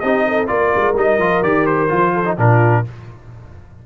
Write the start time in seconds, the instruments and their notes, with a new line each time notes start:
0.00 tuba C4, trombone D#4, horn G4, trumpet D#5
0.28 horn A4
0.47 tuba A#3, trombone F4, horn A#4, trumpet D5
0.75 tuba G#3
0.95 tuba G3, trombone D#4, trumpet D#5
1.19 tuba F3, trombone F4
1.43 tuba D#3, trombone G4, trumpet D5
1.67 trumpet C5
1.89 tuba F3, trombone F4
2.14 horn A4
2.25 trombone D#4
2.37 tuba A#2, trombone D4, horn F4, trumpet A#4